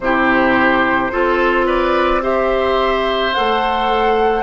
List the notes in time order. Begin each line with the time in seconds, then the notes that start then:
0.00 C3 E4 G4 C5
1.11 C4 F4 A4
1.66 B4 D5
2.21 G4 C5 E5
3.33 A3 A4 F#5